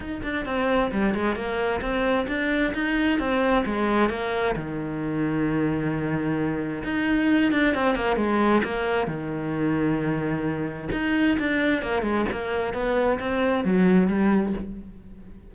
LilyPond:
\new Staff \with { instrumentName = "cello" } { \time 4/4 \tempo 4 = 132 dis'8 d'8 c'4 g8 gis8 ais4 | c'4 d'4 dis'4 c'4 | gis4 ais4 dis2~ | dis2. dis'4~ |
dis'8 d'8 c'8 ais8 gis4 ais4 | dis1 | dis'4 d'4 ais8 gis8 ais4 | b4 c'4 fis4 g4 | }